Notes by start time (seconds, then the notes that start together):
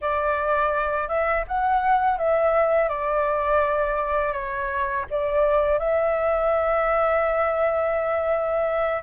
0.01 D5
1.08 E5
1.47 F#5
2.18 E5
2.88 D5
4.32 C#5
5.10 D5
5.78 E5